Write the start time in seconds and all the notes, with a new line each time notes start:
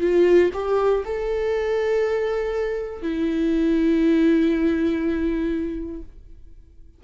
0.00 F4
0.54 G4
1.05 A4
3.02 E4